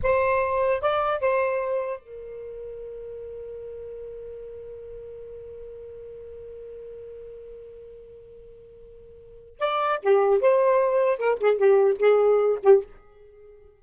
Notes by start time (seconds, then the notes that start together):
0.03 C5
0.81 D5
1.20 C5
2.00 A#4
9.59 D5
10.02 G4
10.41 C5
11.17 A#4
11.39 G#4
11.57 G4
11.99 G#4
12.62 G4